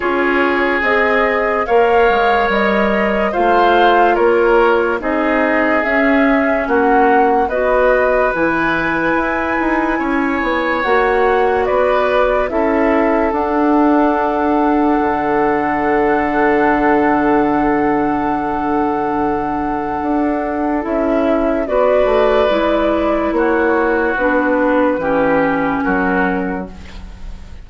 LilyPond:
<<
  \new Staff \with { instrumentName = "flute" } { \time 4/4 \tempo 4 = 72 cis''4 dis''4 f''4 dis''4 | f''4 cis''4 dis''4 e''4 | fis''4 dis''4 gis''2~ | gis''4 fis''4 d''4 e''4 |
fis''1~ | fis''1~ | fis''4 e''4 d''2 | cis''4 b'2 ais'4 | }
  \new Staff \with { instrumentName = "oboe" } { \time 4/4 gis'2 cis''2 | c''4 ais'4 gis'2 | fis'4 b'2. | cis''2 b'4 a'4~ |
a'1~ | a'1~ | a'2 b'2 | fis'2 g'4 fis'4 | }
  \new Staff \with { instrumentName = "clarinet" } { \time 4/4 f'4 gis'4 ais'2 | f'2 dis'4 cis'4~ | cis'4 fis'4 e'2~ | e'4 fis'2 e'4 |
d'1~ | d'1~ | d'4 e'4 fis'4 e'4~ | e'4 d'4 cis'2 | }
  \new Staff \with { instrumentName = "bassoon" } { \time 4/4 cis'4 c'4 ais8 gis8 g4 | a4 ais4 c'4 cis'4 | ais4 b4 e4 e'8 dis'8 | cis'8 b8 ais4 b4 cis'4 |
d'2 d2~ | d1 | d'4 cis'4 b8 a8 gis4 | ais4 b4 e4 fis4 | }
>>